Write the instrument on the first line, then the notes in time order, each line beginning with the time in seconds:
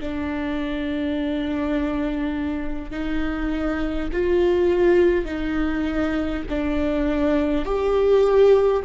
viola
0.00 D4
2.91 D#4
4.12 F4
5.25 D#4
6.49 D4
7.65 G4